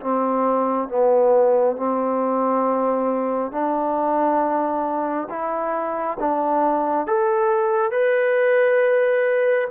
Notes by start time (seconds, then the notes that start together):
0.00 C4
0.88 B3
1.76 C4
3.51 D4
5.29 E4
6.19 D4
7.07 A4
7.91 B4